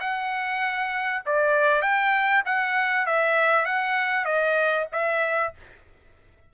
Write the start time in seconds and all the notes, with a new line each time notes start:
0.00 F#5
1.26 D5
1.81 G5
2.45 F#5
3.06 E5
3.65 F#5
4.25 D#5
4.92 E5